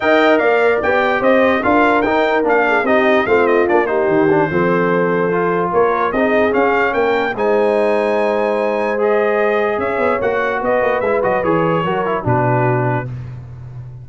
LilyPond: <<
  \new Staff \with { instrumentName = "trumpet" } { \time 4/4 \tempo 4 = 147 g''4 f''4 g''4 dis''4 | f''4 g''4 f''4 dis''4 | f''8 dis''8 d''8 c''2~ c''8~ | c''2 cis''4 dis''4 |
f''4 g''4 gis''2~ | gis''2 dis''2 | e''4 fis''4 dis''4 e''8 dis''8 | cis''2 b'2 | }
  \new Staff \with { instrumentName = "horn" } { \time 4/4 dis''4 d''2 c''4 | ais'2~ ais'8 gis'8 g'4 | f'4. g'4. a'4~ | a'2 ais'4 gis'4~ |
gis'4 ais'4 c''2~ | c''1 | cis''2 b'2~ | b'4 ais'4 fis'2 | }
  \new Staff \with { instrumentName = "trombone" } { \time 4/4 ais'2 g'2 | f'4 dis'4 d'4 dis'4 | c'4 d'8 dis'4 d'8 c'4~ | c'4 f'2 dis'4 |
cis'2 dis'2~ | dis'2 gis'2~ | gis'4 fis'2 e'8 fis'8 | gis'4 fis'8 e'8 d'2 | }
  \new Staff \with { instrumentName = "tuba" } { \time 4/4 dis'4 ais4 b4 c'4 | d'4 dis'4 ais4 c'4 | a4 ais4 dis4 f4~ | f2 ais4 c'4 |
cis'4 ais4 gis2~ | gis1 | cis'8 b8 ais4 b8 ais8 gis8 fis8 | e4 fis4 b,2 | }
>>